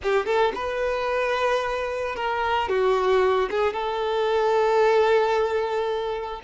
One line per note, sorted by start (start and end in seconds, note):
0.02 0.25 G4
0.25 0.52 A4
0.54 2.15 B4
2.15 2.68 A#4
2.68 3.49 F#4
3.50 3.73 G#4
3.73 6.41 A4